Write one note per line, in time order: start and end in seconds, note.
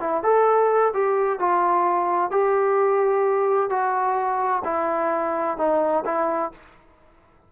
0.00 0.23 E4
0.23 0.93 A4
0.94 1.40 G4
1.40 2.31 F4
2.31 3.70 G4
3.70 4.63 F#4
4.65 5.58 E4
5.58 6.04 D#4
6.05 6.52 E4